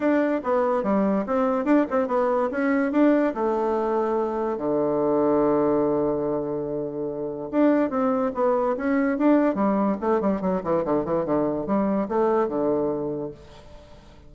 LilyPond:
\new Staff \with { instrumentName = "bassoon" } { \time 4/4 \tempo 4 = 144 d'4 b4 g4 c'4 | d'8 c'8 b4 cis'4 d'4 | a2. d4~ | d1~ |
d2 d'4 c'4 | b4 cis'4 d'4 g4 | a8 g8 fis8 e8 d8 e8 d4 | g4 a4 d2 | }